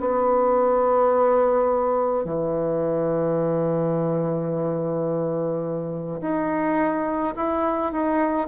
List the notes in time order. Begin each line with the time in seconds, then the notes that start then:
0.00 B3
2.25 E3
6.22 D#4
7.37 E4
7.92 D#4